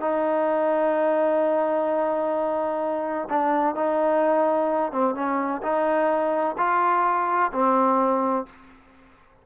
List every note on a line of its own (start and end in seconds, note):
0.00 3.28 D#4
3.29 3.75 D4
3.75 4.92 D#4
4.92 5.15 C4
5.15 5.61 C#4
5.62 6.56 D#4
6.57 7.51 F4
7.52 8.46 C4